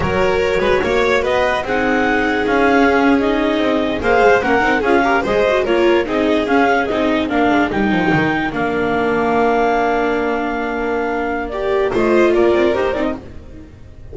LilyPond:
<<
  \new Staff \with { instrumentName = "clarinet" } { \time 4/4 \tempo 4 = 146 cis''2. dis''4 | fis''2 f''4.~ f''16 dis''16~ | dis''4.~ dis''16 f''4 fis''4 f''16~ | f''8. dis''4 cis''4 dis''4 f''16~ |
f''8. dis''4 f''4 g''4~ g''16~ | g''8. f''2.~ f''16~ | f''1 | d''4 dis''4 d''4 c''8 d''16 dis''16 | }
  \new Staff \with { instrumentName = "violin" } { \time 4/4 ais'4. b'8 cis''4 b'4 | gis'1~ | gis'4.~ gis'16 c''4 ais'4 gis'16~ | gis'16 ais'8 c''4 ais'4 gis'4~ gis'16~ |
gis'4.~ gis'16 ais'2~ ais'16~ | ais'1~ | ais'1~ | ais'4 c''4 ais'2 | }
  \new Staff \with { instrumentName = "viola" } { \time 4/4 fis'1 | dis'2~ dis'8. cis'4 dis'16~ | dis'4.~ dis'16 gis'4 cis'8 dis'8 f'16~ | f'16 g'8 gis'8 fis'8 f'4 dis'4 cis'16~ |
cis'8. dis'4 d'4 dis'4~ dis'16~ | dis'8. d'2.~ d'16~ | d'1 | g'4 f'2 g'8 dis'8 | }
  \new Staff \with { instrumentName = "double bass" } { \time 4/4 fis4. gis8 ais4 b4 | c'2 cis'2~ | cis'8. c'4 ais8 gis8 ais8 c'8 cis'16~ | cis'8. gis4 ais4 c'4 cis'16~ |
cis'8. c'4 ais8 gis8 g8 f8 dis16~ | dis8. ais2.~ ais16~ | ais1~ | ais4 a4 ais8 c'8 dis'8 c'8 | }
>>